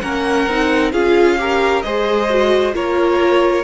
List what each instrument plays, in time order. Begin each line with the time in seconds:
0.00 cello A#3, viola C#4, violin A#4 F#5
0.47 cello C4, viola D#4
0.91 cello C#4, viola F4, violin G#4 F5
1.38 viola G4, violin A#4
1.82 cello G#3, viola G#4, violin C5 D#5
2.30 viola F#4
2.73 cello A#3, viola F4, violin A#4 C#5